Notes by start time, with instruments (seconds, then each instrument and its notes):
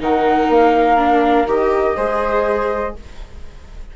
0.00 bassoon D#3, viola D#4, flute A#4 F#5
0.49 bassoon A#3, flute F5
0.97 viola D4
1.46 bassoon D#3, viola G4, flute D#5
1.96 bassoon G#3, viola G#4, flute C5